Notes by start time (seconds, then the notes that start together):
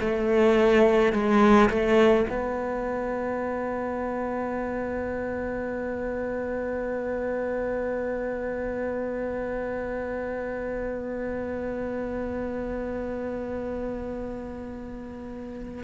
0.00 A3
1.13 G#3
1.70 A3
2.30 B3